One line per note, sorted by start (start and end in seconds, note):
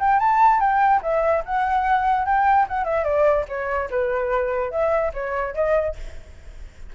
0.00 0.20 G5
0.20 0.60 A5
0.60 1.01 G5
1.03 1.43 E5
1.45 2.26 F#5
2.26 2.67 G5
2.68 2.85 F#5
2.85 3.04 E5
3.04 3.45 D5
3.48 3.89 C#5
3.91 4.71 B4
4.71 5.12 E5
5.14 5.55 C#5
5.55 5.96 D#5